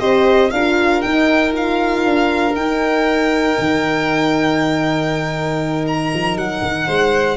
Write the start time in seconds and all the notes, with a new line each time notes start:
0.00 C4 G4 C5 D#5
0.51 D4 F4 A#4 F5
1.01 D#4 G5
1.53 F4 F5
2.06 D4
2.55 D#4 G5
3.59 D#3
5.87 A#5
6.14 F3
6.36 F#3 F#5
6.62 D#3
6.87 G#3 C5